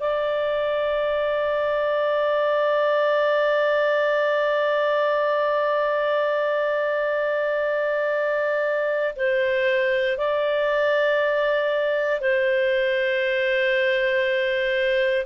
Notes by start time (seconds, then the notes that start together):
0.00 D5
9.16 C5
10.17 D5
12.21 C5